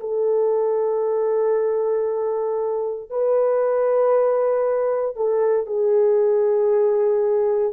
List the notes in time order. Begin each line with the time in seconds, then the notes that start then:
0.00 A4
3.10 B4
5.16 A4
5.66 G#4